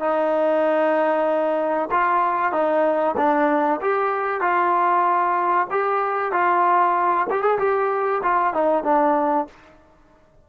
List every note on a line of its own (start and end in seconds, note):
0.00 1.89 D#4
1.91 2.52 F4
2.52 3.16 D#4
3.17 3.80 D4
3.81 4.41 G4
4.41 5.68 F4
5.71 6.33 G4
6.33 7.27 F4
7.30 7.43 G4
7.43 7.58 G#4
7.59 8.22 G4
8.24 8.54 F4
8.54 8.84 D#4
8.84 9.47 D4